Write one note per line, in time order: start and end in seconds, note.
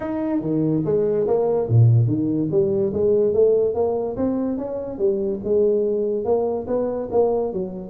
0.00 0.41 D#4
0.41 0.82 D#3
0.85 1.26 G#3
1.27 1.68 A#3
1.68 2.07 A#2
2.07 2.48 D#3
2.51 2.92 G3
2.93 3.33 G#3
3.33 3.74 A3
3.74 4.16 A#3
4.16 4.57 C4
4.57 4.98 C#4
4.98 5.40 G3
5.44 6.24 G#3
6.24 6.66 A#3
6.67 7.08 B3
7.11 7.52 A#3
7.52 7.90 F#3